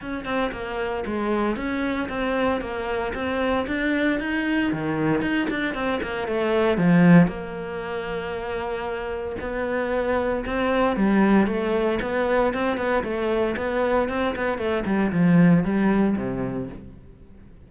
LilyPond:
\new Staff \with { instrumentName = "cello" } { \time 4/4 \tempo 4 = 115 cis'8 c'8 ais4 gis4 cis'4 | c'4 ais4 c'4 d'4 | dis'4 dis4 dis'8 d'8 c'8 ais8 | a4 f4 ais2~ |
ais2 b2 | c'4 g4 a4 b4 | c'8 b8 a4 b4 c'8 b8 | a8 g8 f4 g4 c4 | }